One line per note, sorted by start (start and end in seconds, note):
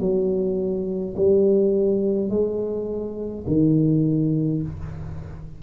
0.00 1.15 F#3
1.17 2.30 G3
2.30 3.46 G#3
3.47 4.63 D#3